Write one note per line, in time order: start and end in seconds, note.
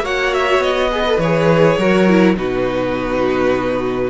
0.00 0.58 A#3
0.00 0.90 F#4
0.00 0.90 C#5
0.00 0.33 F#5
0.33 0.62 E5
0.58 1.17 B3
0.58 1.20 D#5
0.91 1.05 G#4
0.91 1.77 B4
1.07 1.21 A4
1.18 1.76 E3
1.18 1.80 G#4
1.18 2.36 C#5
1.77 2.36 F#3
1.77 2.09 F#4
1.77 2.36 A#4
2.09 2.36 E4
2.36 4.10 B2
2.36 4.10 D#4
2.36 4.10 F#4
2.36 4.10 B4